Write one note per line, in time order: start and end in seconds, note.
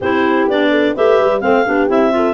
0.00 0.47 C4
0.00 0.50 E4
0.00 0.70 G4
0.00 0.48 C5
0.47 0.94 B3
0.47 0.95 D4
0.47 0.96 D5
0.70 0.94 A4
0.94 1.19 A3
0.94 1.41 G4
0.94 1.41 B4
0.94 1.40 E5
1.19 1.43 G3
1.40 1.66 A3
1.40 1.64 C4
1.40 1.65 C5
1.40 1.87 F5
1.65 1.89 B3
1.65 1.88 D4
1.65 2.12 G4
1.88 2.34 C4
1.88 2.11 E4
1.88 2.34 E5
2.11 2.34 F4
2.11 2.34 A4